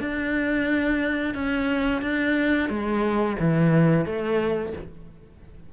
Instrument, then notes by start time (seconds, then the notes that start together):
cello
0.00 D4
1.35 C#4
2.02 D4
2.69 G#3
3.39 E3
4.06 A3